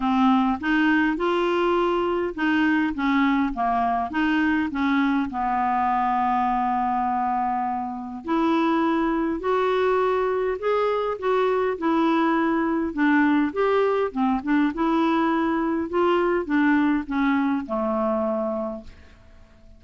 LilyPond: \new Staff \with { instrumentName = "clarinet" } { \time 4/4 \tempo 4 = 102 c'4 dis'4 f'2 | dis'4 cis'4 ais4 dis'4 | cis'4 b2.~ | b2 e'2 |
fis'2 gis'4 fis'4 | e'2 d'4 g'4 | c'8 d'8 e'2 f'4 | d'4 cis'4 a2 | }